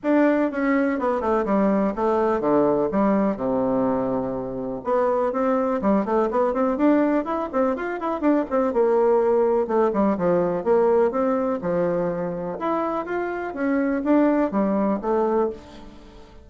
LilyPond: \new Staff \with { instrumentName = "bassoon" } { \time 4/4 \tempo 4 = 124 d'4 cis'4 b8 a8 g4 | a4 d4 g4 c4~ | c2 b4 c'4 | g8 a8 b8 c'8 d'4 e'8 c'8 |
f'8 e'8 d'8 c'8 ais2 | a8 g8 f4 ais4 c'4 | f2 e'4 f'4 | cis'4 d'4 g4 a4 | }